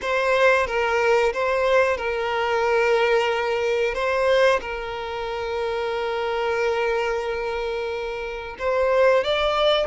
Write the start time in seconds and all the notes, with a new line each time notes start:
0.01 C5
0.66 A#4
1.33 C5
1.97 A#4
3.94 C5
4.60 A#4
8.59 C5
9.24 D5